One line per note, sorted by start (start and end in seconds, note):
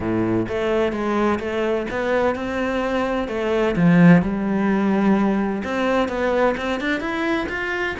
0.00 0.46 A2
0.48 0.92 A3
0.92 1.39 G#3
1.39 1.86 A3
1.90 2.35 B3
2.35 3.28 C4
3.28 3.75 A3
3.76 4.22 F3
4.22 5.62 G3
5.64 6.08 C4
6.08 6.55 B3
6.57 6.80 C4
6.80 7.00 D4
7.00 7.47 E4
7.49 7.95 F4